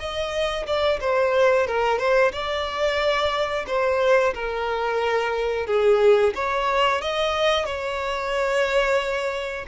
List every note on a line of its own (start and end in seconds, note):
0.00 0.67 D#5
0.67 1.00 D5
1.01 1.67 C5
1.67 1.99 A#4
1.99 2.32 C5
2.33 3.66 D5
3.68 4.34 C5
4.35 5.67 A#4
5.67 6.34 G#4
6.36 7.02 C#5
7.02 7.66 D#5
7.66 9.66 C#5